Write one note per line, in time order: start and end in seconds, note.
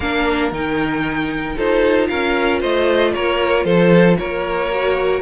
0.00 0.51 A#3
0.00 0.53 D4
0.00 1.56 A#4
0.00 0.50 F5
0.51 1.56 D#3
0.51 1.57 D#4
0.51 1.58 G5
1.56 2.09 D#4
1.56 4.70 F4
1.56 2.08 A4
1.56 2.07 C5
2.07 2.62 C#4
2.07 2.59 A#4
2.07 2.59 F5
2.59 3.14 A3
2.59 3.12 C5
2.59 3.13 D#5
3.13 3.64 A#3
3.13 3.64 A#4
3.13 3.64 C#5
3.64 4.16 F3
3.64 4.17 A4
3.64 4.16 C5
4.17 5.22 A#3
4.17 5.22 A#4
4.17 5.22 C#5
4.71 5.22 F#4